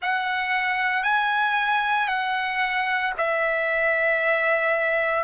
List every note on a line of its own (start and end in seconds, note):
0.02 1.02 F#5
1.02 2.08 G#5
2.08 3.13 F#5
3.17 5.23 E5